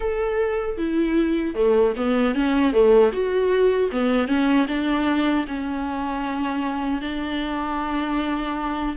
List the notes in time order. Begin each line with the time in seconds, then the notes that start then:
0.00 A4
0.77 E4
1.54 A3
1.96 B3
2.34 C#4
2.72 A3
3.12 F#4
3.91 B3
4.27 C#4
4.68 D4
5.47 C#4
7.01 D4